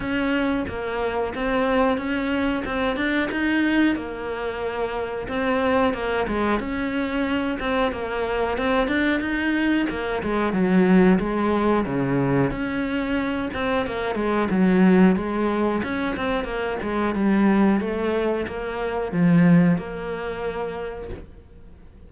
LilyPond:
\new Staff \with { instrumentName = "cello" } { \time 4/4 \tempo 4 = 91 cis'4 ais4 c'4 cis'4 | c'8 d'8 dis'4 ais2 | c'4 ais8 gis8 cis'4. c'8 | ais4 c'8 d'8 dis'4 ais8 gis8 |
fis4 gis4 cis4 cis'4~ | cis'8 c'8 ais8 gis8 fis4 gis4 | cis'8 c'8 ais8 gis8 g4 a4 | ais4 f4 ais2 | }